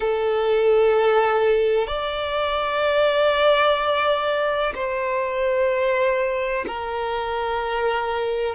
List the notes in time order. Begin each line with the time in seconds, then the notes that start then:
0.00 A4
1.87 D5
4.74 C5
6.67 A#4